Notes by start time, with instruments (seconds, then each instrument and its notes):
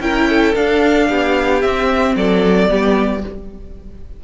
0.00 cello C#4, viola E4, violin A#4 G5
0.29 violin A4
0.55 viola D4, cello D4, violin F5
1.09 cello B3, violin G4
1.61 cello C4, viola C4, violin E5
2.15 cello F#3, violin A4 D5
2.68 cello G3, viola B3, violin G4